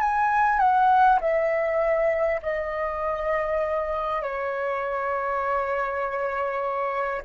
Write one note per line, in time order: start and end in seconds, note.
0.00 0.59 G#5
0.59 1.19 F#5
1.21 2.41 E5
2.42 4.22 D#5
4.22 7.22 C#5